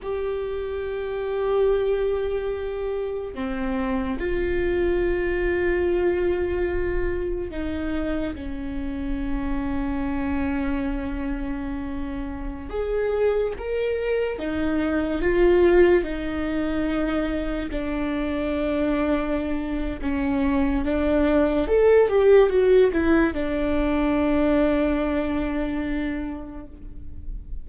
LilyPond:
\new Staff \with { instrumentName = "viola" } { \time 4/4 \tempo 4 = 72 g'1 | c'4 f'2.~ | f'4 dis'4 cis'2~ | cis'2.~ cis'16 gis'8.~ |
gis'16 ais'4 dis'4 f'4 dis'8.~ | dis'4~ dis'16 d'2~ d'8. | cis'4 d'4 a'8 g'8 fis'8 e'8 | d'1 | }